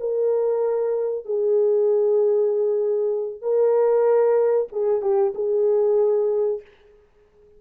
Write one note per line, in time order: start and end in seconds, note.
0.00 1.25 A#4
1.25 3.42 G#4
3.42 4.68 A#4
4.72 5.02 G#4
5.02 5.33 G4
5.35 6.61 G#4